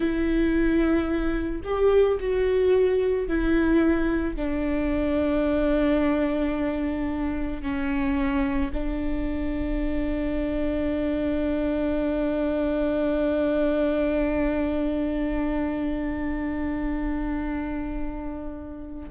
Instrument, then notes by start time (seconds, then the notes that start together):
viola
0.00 E4
1.64 G4
2.20 F#4
3.27 E4
4.35 D4
7.62 C#4
8.73 D4